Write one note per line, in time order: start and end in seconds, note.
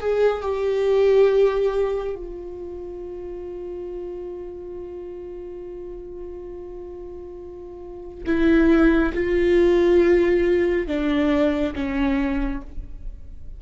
0.00 0.42 G#4
0.42 2.15 G4
2.15 8.24 F4
8.26 9.13 E4
9.14 10.87 F4
10.87 11.74 D4
11.75 12.62 C#4